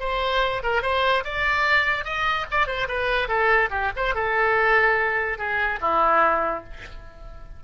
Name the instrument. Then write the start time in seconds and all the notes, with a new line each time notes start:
oboe
0.00 C5
0.63 A#4
0.82 C5
1.24 D5
2.04 D#5
2.51 D5
2.67 C5
2.88 B4
3.28 A4
3.70 G4
3.96 C5
4.15 A4
5.38 G#4
5.81 E4